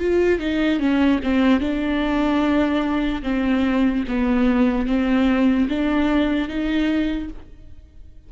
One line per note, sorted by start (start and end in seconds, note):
0.00 0.39 F4
0.39 0.79 D#4
0.79 1.20 C#4
1.23 1.60 C4
1.60 3.22 D4
3.22 4.04 C4
4.08 4.87 B3
4.87 5.68 C4
5.69 6.48 D4
6.48 7.29 D#4